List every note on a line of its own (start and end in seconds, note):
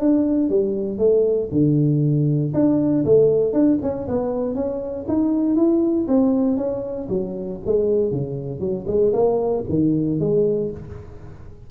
0.00 0.50 D4
0.50 0.98 G3
0.98 1.49 A3
1.52 2.53 D3
2.54 3.05 D4
3.05 3.53 A3
3.53 3.79 D4
3.83 4.08 C#4
4.08 4.55 B3
4.55 5.06 C#4
5.08 5.56 D#4
5.56 6.07 E4
6.08 6.58 C4
6.58 7.08 C#4
7.09 7.60 F#3
7.66 8.12 G#3
8.12 8.60 C#3
8.60 8.85 F#3
8.88 9.13 G#3
9.13 9.64 A#3
9.70 10.20 D#3
10.20 10.71 G#3